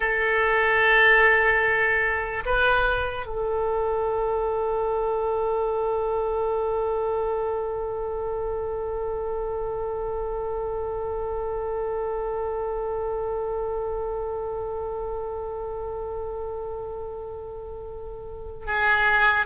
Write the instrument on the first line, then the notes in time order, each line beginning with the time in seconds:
oboe
0.00 A4
2.45 B4
3.26 A4
18.66 G#4